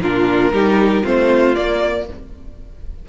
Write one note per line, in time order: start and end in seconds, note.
0.00 0.51 A#2
0.00 0.53 D4
0.00 0.53 F4
0.00 1.06 A#4
0.52 1.03 G3
0.52 1.04 D#4
0.52 1.03 G4
1.03 1.56 A3
1.03 1.55 C4
1.03 2.06 F4
1.03 1.55 C5
1.55 2.06 A#3
1.55 2.09 A#3
1.55 2.06 D5